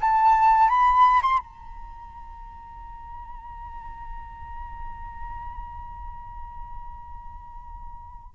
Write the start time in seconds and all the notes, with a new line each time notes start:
0.00 A5
0.68 B5
1.22 C6
1.39 A#5